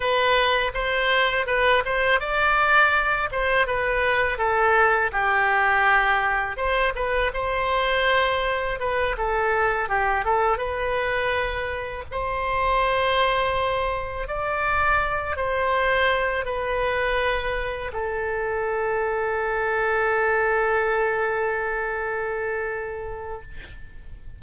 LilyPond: \new Staff \with { instrumentName = "oboe" } { \time 4/4 \tempo 4 = 82 b'4 c''4 b'8 c''8 d''4~ | d''8 c''8 b'4 a'4 g'4~ | g'4 c''8 b'8 c''2 | b'8 a'4 g'8 a'8 b'4.~ |
b'8 c''2. d''8~ | d''4 c''4. b'4.~ | b'8 a'2.~ a'8~ | a'1 | }